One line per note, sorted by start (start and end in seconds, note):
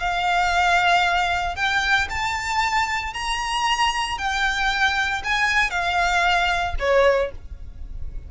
0.00 1.56 F5
1.56 2.08 G5
2.09 3.14 A5
3.14 4.18 A#5
4.18 5.22 G5
5.24 5.70 G#5
5.70 6.74 F5
6.79 7.31 C#5